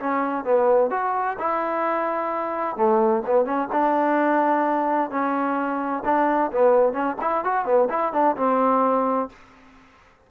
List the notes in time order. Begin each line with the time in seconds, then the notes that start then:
0.00 C#4
0.45 B3
0.91 F#4
1.39 E4
2.77 A3
3.27 B3
3.46 C#4
3.73 D4
5.11 C#4
6.05 D4
6.52 B3
6.93 C#4
7.21 E4
7.45 F#4
7.65 B3
7.90 E4
8.13 D4
8.37 C4